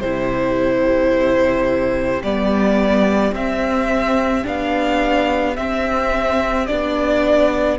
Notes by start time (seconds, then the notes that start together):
0.00 C3 E4 G4 C5
2.23 G3 B3 D5
3.33 C4 E5
4.44 B3 D4 F5
5.57 C4 E5
6.67 B3 D4 D5